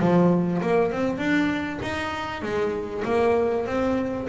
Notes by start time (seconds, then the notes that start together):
0.00 F3
0.62 A#3
0.91 C4
1.17 D4
1.82 D#4
2.42 G#3
3.04 A#3
3.66 C4